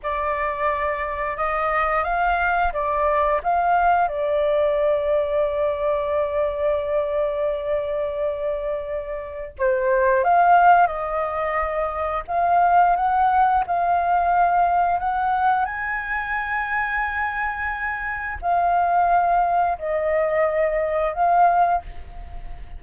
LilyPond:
\new Staff \with { instrumentName = "flute" } { \time 4/4 \tempo 4 = 88 d''2 dis''4 f''4 | d''4 f''4 d''2~ | d''1~ | d''2 c''4 f''4 |
dis''2 f''4 fis''4 | f''2 fis''4 gis''4~ | gis''2. f''4~ | f''4 dis''2 f''4 | }